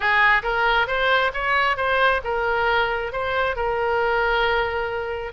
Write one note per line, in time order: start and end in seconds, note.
0.00 0.42 G#4
0.43 0.87 A#4
0.87 1.31 C5
1.33 1.76 C#5
1.76 2.21 C5
2.24 3.12 A#4
3.12 3.56 C5
3.56 5.32 A#4